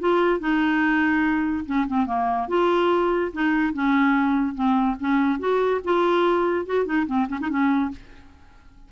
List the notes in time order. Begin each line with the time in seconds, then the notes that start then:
0.00 F4
0.40 D#4
1.66 C#4
1.87 C4
2.06 A#3
2.48 F4
3.33 D#4
3.73 C#4
4.55 C4
5.00 C#4
5.39 F#4
5.84 F4
6.66 F#4
6.85 D#4
7.06 C4
7.29 C#4
7.41 D#4
7.49 C#4